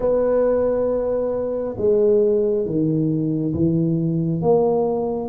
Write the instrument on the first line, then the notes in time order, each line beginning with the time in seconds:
tuba
0.00 B3
1.77 G#3
2.65 D#3
3.53 E3
4.41 A#3